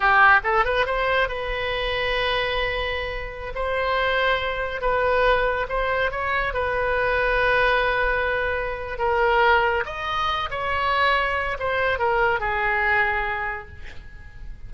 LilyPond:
\new Staff \with { instrumentName = "oboe" } { \time 4/4 \tempo 4 = 140 g'4 a'8 b'8 c''4 b'4~ | b'1~ | b'16 c''2. b'8.~ | b'4~ b'16 c''4 cis''4 b'8.~ |
b'1~ | b'4 ais'2 dis''4~ | dis''8 cis''2~ cis''8 c''4 | ais'4 gis'2. | }